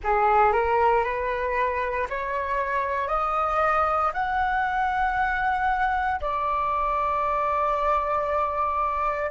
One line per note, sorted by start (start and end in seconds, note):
0.03 0.52 G#4
0.52 1.03 A#4
1.03 2.07 B4
2.09 3.08 C#5
3.08 4.11 D#5
4.13 6.20 F#5
6.21 9.30 D5